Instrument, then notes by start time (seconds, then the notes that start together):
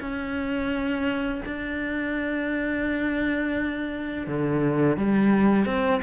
cello
0.00 C#4
1.45 D4
4.26 D3
4.97 G3
5.65 C4